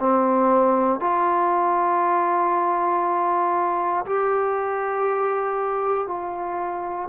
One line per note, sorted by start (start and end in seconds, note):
0.00 1.00 C4
1.00 4.05 F4
4.06 6.07 G4
6.07 7.09 F4